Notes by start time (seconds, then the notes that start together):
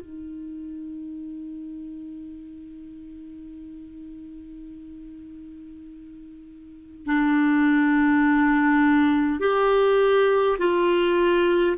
0.00 D#4
7.05 D4
9.40 G4
10.58 F4